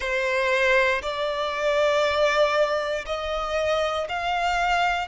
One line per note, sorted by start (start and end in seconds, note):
0.00 1.01 C5
1.02 3.05 D5
3.06 4.07 D#5
4.08 5.07 F5